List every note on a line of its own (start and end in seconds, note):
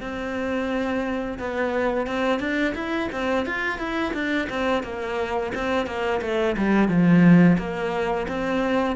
0.00 1.38 C4
1.38 2.06 B3
2.06 2.39 C4
2.39 2.74 D4
2.75 3.09 E4
3.12 3.46 C4
3.46 3.78 F4
3.78 4.13 E4
4.13 4.48 D4
4.50 4.83 C4
4.83 5.52 A#3
5.54 5.86 C4
5.86 6.20 A#3
6.21 6.55 A3
6.57 6.88 G3
6.88 7.57 F3
7.58 8.27 A#3
8.28 8.96 C4